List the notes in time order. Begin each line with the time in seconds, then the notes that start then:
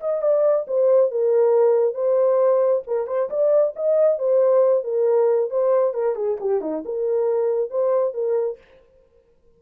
0.00 D#5
0.21 D5
0.67 C5
1.11 A#4
1.94 C5
2.87 A#4
3.07 C5
3.29 D5
3.76 D#5
4.18 C5
4.84 A#4
5.50 C5
5.94 A#4
6.15 G#4
6.40 G4
6.61 D#4
6.85 A#4
7.70 C5
8.14 A#4